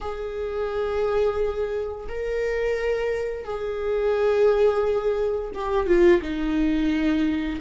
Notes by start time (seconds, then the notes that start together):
0.00 G#4
2.08 A#4
3.44 G#4
5.54 G4
5.86 F4
6.21 D#4